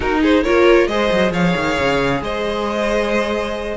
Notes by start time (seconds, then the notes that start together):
0.00 D#4 F#4 A#4
0.21 G#4 C5
0.43 A#3 F4 A#4 C#5
0.87 G#3 G#4 C5 D#5
1.12 F#3
1.31 F3 C#5 F5
1.56 D#3
1.79 C#3
2.21 G#3 C5 D#5